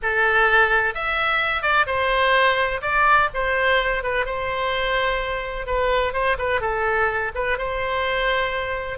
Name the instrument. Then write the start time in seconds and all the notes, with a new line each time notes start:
oboe
0.02 A4
0.94 E5
1.62 D5
1.86 C5
2.81 D5
3.33 C5
4.03 B4
4.25 C5
5.66 B4
6.13 C5
6.38 B4
6.60 A4
7.35 B4
7.58 C5